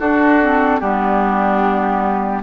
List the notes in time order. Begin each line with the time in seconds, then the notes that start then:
0.00 D4 F#4 A4
0.42 C4
0.80 G3 B3 D4 G4